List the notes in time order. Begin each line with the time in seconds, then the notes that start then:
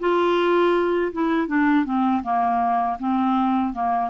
0.00 F4
1.13 E4
1.48 D4
1.85 C4
2.23 A#3
2.99 C4
3.74 A#3